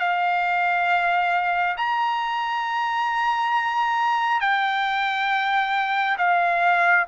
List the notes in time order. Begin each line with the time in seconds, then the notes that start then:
0.00 F5
1.77 A#5
4.41 G5
6.18 F5